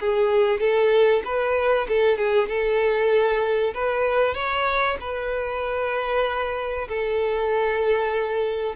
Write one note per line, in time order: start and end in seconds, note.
0.00 0.60 G#4
0.60 1.22 A4
1.24 1.87 B4
1.88 2.17 A4
2.17 2.48 G#4
2.48 3.73 A4
3.74 4.34 B4
4.34 4.97 C#5
5.00 6.88 B4
6.88 8.76 A4